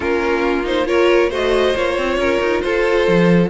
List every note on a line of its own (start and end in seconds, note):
0.00 1.30 A#3
0.00 0.64 C#4
0.00 0.87 F4
0.00 0.65 A#4
0.64 0.86 D#4
0.64 0.87 C5
0.86 1.29 F4
0.86 1.29 A#4
0.86 1.30 C#5
1.29 1.74 A3
1.29 1.74 F#4
1.29 2.17 C5
1.29 1.76 D#5
1.74 1.98 A#3
1.74 3.49 F4
1.74 2.61 C#5
1.98 2.17 C4
2.17 2.39 C#4
2.17 2.63 A#4
2.40 2.62 D#4
2.61 3.07 F4
2.61 3.49 A4
2.61 3.48 C5
3.07 3.49 F3